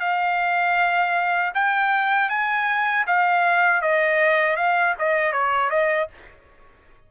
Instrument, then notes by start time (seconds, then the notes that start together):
trumpet
0.00 F5
1.55 G5
2.30 G#5
3.07 F5
3.82 D#5
4.57 F5
4.99 D#5
5.33 C#5
5.70 D#5